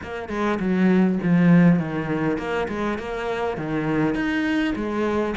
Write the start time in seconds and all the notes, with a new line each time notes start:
0.02 A#3
0.29 G#3
0.59 F#3
1.22 F3
1.79 D#3
2.38 A#3
2.68 G#3
2.98 A#3
3.57 D#3
4.14 D#4
4.75 G#3